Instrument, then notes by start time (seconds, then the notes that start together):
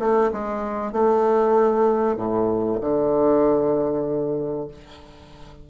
bassoon
0.00 A3
0.33 G#3
0.93 A3
2.17 A2
2.81 D3